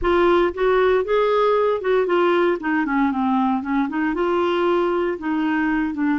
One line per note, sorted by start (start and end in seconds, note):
0.01 0.53 F4
0.54 1.04 F#4
1.04 1.81 G#4
1.81 2.06 F#4
2.06 2.58 F4
2.60 2.85 D#4
2.85 3.11 C#4
3.11 3.62 C4
3.62 3.88 C#4
3.88 4.14 D#4
4.14 5.17 F4
5.18 5.94 D#4
5.94 6.19 D4